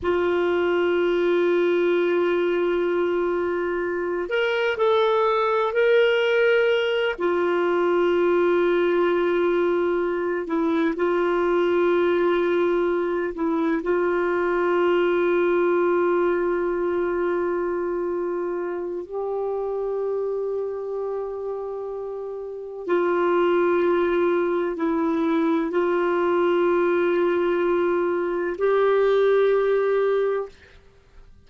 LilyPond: \new Staff \with { instrumentName = "clarinet" } { \time 4/4 \tempo 4 = 63 f'1~ | f'8 ais'8 a'4 ais'4. f'8~ | f'2. e'8 f'8~ | f'2 e'8 f'4.~ |
f'1 | g'1 | f'2 e'4 f'4~ | f'2 g'2 | }